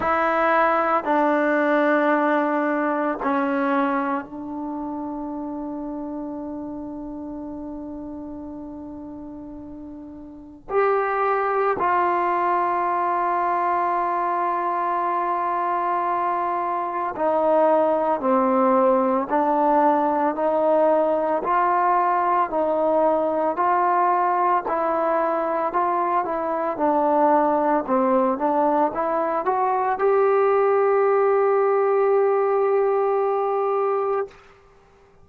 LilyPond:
\new Staff \with { instrumentName = "trombone" } { \time 4/4 \tempo 4 = 56 e'4 d'2 cis'4 | d'1~ | d'2 g'4 f'4~ | f'1 |
dis'4 c'4 d'4 dis'4 | f'4 dis'4 f'4 e'4 | f'8 e'8 d'4 c'8 d'8 e'8 fis'8 | g'1 | }